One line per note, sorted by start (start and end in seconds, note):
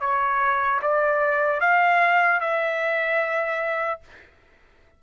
0.00 0.80 C#5
0.82 1.60 D5
1.60 2.40 F5
2.40 4.00 E5